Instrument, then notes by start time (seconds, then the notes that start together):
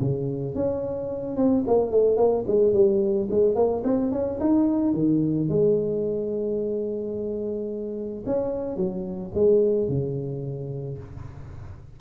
tuba
0.00 C#3
0.55 C#4
1.36 C4
1.67 A#3
1.91 A3
2.17 A#3
2.47 G#3
2.73 G3
3.30 G#3
3.55 A#3
3.84 C4
4.12 C#4
4.40 D#4
4.93 D#3
5.48 G#3
8.26 C#4
8.76 F#3
9.34 G#3
9.88 C#3